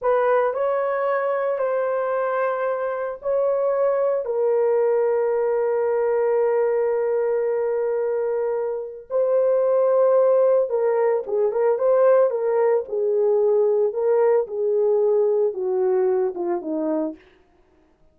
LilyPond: \new Staff \with { instrumentName = "horn" } { \time 4/4 \tempo 4 = 112 b'4 cis''2 c''4~ | c''2 cis''2 | ais'1~ | ais'1~ |
ais'4 c''2. | ais'4 gis'8 ais'8 c''4 ais'4 | gis'2 ais'4 gis'4~ | gis'4 fis'4. f'8 dis'4 | }